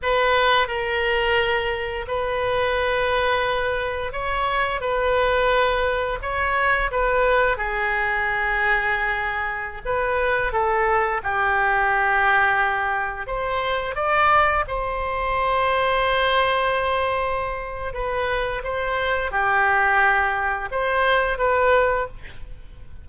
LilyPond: \new Staff \with { instrumentName = "oboe" } { \time 4/4 \tempo 4 = 87 b'4 ais'2 b'4~ | b'2 cis''4 b'4~ | b'4 cis''4 b'4 gis'4~ | gis'2~ gis'16 b'4 a'8.~ |
a'16 g'2. c''8.~ | c''16 d''4 c''2~ c''8.~ | c''2 b'4 c''4 | g'2 c''4 b'4 | }